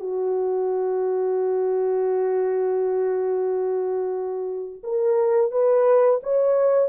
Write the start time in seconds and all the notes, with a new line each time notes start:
0.00 F#4
4.83 A#4
5.51 B4
6.23 C#5